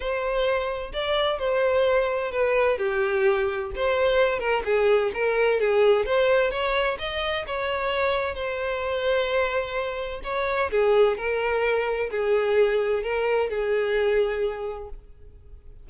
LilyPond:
\new Staff \with { instrumentName = "violin" } { \time 4/4 \tempo 4 = 129 c''2 d''4 c''4~ | c''4 b'4 g'2 | c''4. ais'8 gis'4 ais'4 | gis'4 c''4 cis''4 dis''4 |
cis''2 c''2~ | c''2 cis''4 gis'4 | ais'2 gis'2 | ais'4 gis'2. | }